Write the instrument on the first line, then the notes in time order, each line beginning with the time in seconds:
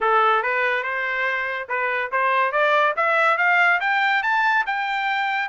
trumpet
0.01 A4
0.42 B4
0.83 C5
1.68 B4
2.11 C5
2.52 D5
2.96 E5
3.37 F5
3.80 G5
4.22 A5
4.66 G5